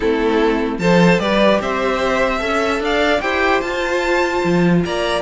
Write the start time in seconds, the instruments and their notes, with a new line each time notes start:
0.00 cello A3, viola C4, violin E4 A4
0.78 cello F3, viola A4, violin C5 A5
1.19 cello G3, viola G4, violin B4 D5
1.61 cello C4, violin C5 E5
2.39 cello C#4, viola A4, violin E5
2.79 cello D4, violin D5 F5
3.20 cello E4, viola G4, violin C5 G5
3.60 cello F4, viola F4, violin A5
4.44 cello F3
4.85 cello A#3, violin D5 A#5